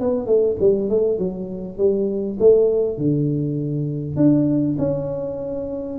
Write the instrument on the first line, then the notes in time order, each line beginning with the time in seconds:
tuba
0.00 B3
0.26 A3
0.60 G3
0.90 A3
1.18 F#3
1.78 G3
2.40 A3
2.98 D3
4.16 D4
4.78 C#4